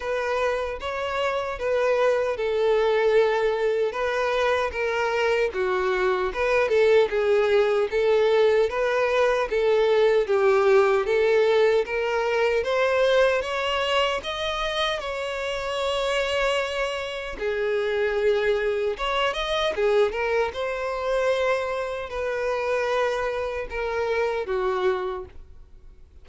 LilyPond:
\new Staff \with { instrumentName = "violin" } { \time 4/4 \tempo 4 = 76 b'4 cis''4 b'4 a'4~ | a'4 b'4 ais'4 fis'4 | b'8 a'8 gis'4 a'4 b'4 | a'4 g'4 a'4 ais'4 |
c''4 cis''4 dis''4 cis''4~ | cis''2 gis'2 | cis''8 dis''8 gis'8 ais'8 c''2 | b'2 ais'4 fis'4 | }